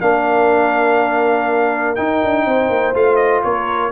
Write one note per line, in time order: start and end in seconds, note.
0.00 1.98 A#3
0.00 1.96 D4
0.00 2.46 A#4
0.00 1.95 F5
1.95 2.94 D#4
1.95 2.23 D#4
1.95 2.93 G5
2.23 2.45 D4
2.45 2.69 C4
2.45 3.43 C5
2.69 2.94 A#3
2.94 3.43 A3
2.94 3.91 F4
2.94 3.16 F5
3.16 3.40 D#5
3.43 3.91 A#3
3.43 3.91 A#4
3.43 3.91 C#5